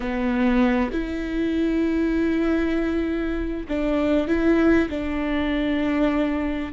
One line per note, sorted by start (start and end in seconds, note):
0.00 0.90 B3
0.92 3.67 E4
3.68 4.27 D4
4.27 4.88 E4
4.89 6.72 D4